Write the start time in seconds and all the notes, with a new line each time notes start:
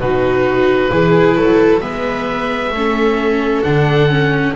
0.00 B2 D#4 F#4 B4
0.92 E3 E4 G#4
1.36 F#3 A4
1.81 G#3 B3 B4 E5
2.72 A3 C#4 A4
3.63 D3 D4 F#5
4.09 C#4